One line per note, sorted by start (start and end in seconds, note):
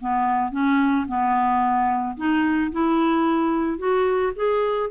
0.00 0.51 B3
0.51 1.06 C#4
1.07 2.16 B3
2.16 2.71 D#4
2.71 3.78 E4
3.78 4.32 F#4
4.36 4.90 G#4